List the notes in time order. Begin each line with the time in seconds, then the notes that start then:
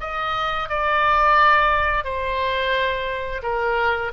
0.00 D#5
0.69 D5
2.04 C5
3.42 A#4